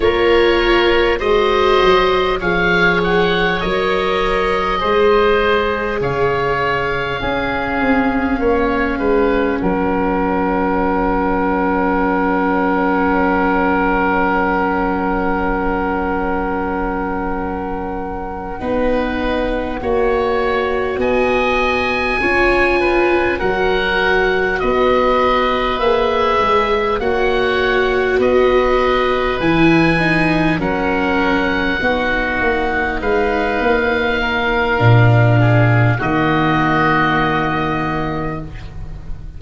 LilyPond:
<<
  \new Staff \with { instrumentName = "oboe" } { \time 4/4 \tempo 4 = 50 cis''4 dis''4 f''8 fis''8 dis''4~ | dis''4 f''2. | fis''1~ | fis''1~ |
fis''4. gis''2 fis''8~ | fis''8 dis''4 e''4 fis''4 dis''8~ | dis''8 gis''4 fis''2 f''8~ | f''2 dis''2 | }
  \new Staff \with { instrumentName = "oboe" } { \time 4/4 ais'4 c''4 cis''2 | c''4 cis''4 gis'4 cis''8 b'8 | ais'1~ | ais'2.~ ais'8 b'8~ |
b'8 cis''4 dis''4 cis''8 b'8 ais'8~ | ais'8 b'2 cis''4 b'8~ | b'4. ais'4 fis'4 b'8~ | b'8 ais'4 gis'8 fis'2 | }
  \new Staff \with { instrumentName = "viola" } { \time 4/4 f'4 fis'4 gis'4 ais'4 | gis'2 cis'2~ | cis'1~ | cis'2.~ cis'8 dis'8~ |
dis'8 fis'2 f'4 fis'8~ | fis'4. gis'4 fis'4.~ | fis'8 e'8 dis'8 cis'4 dis'4.~ | dis'4 d'4 ais2 | }
  \new Staff \with { instrumentName = "tuba" } { \time 4/4 ais4 gis8 fis8 f4 fis4 | gis4 cis4 cis'8 c'8 ais8 gis8 | fis1~ | fis2.~ fis8 b8~ |
b8 ais4 b4 cis'4 fis8~ | fis8 b4 ais8 gis8 ais4 b8~ | b8 e4 fis4 b8 ais8 gis8 | ais4 ais,4 dis2 | }
>>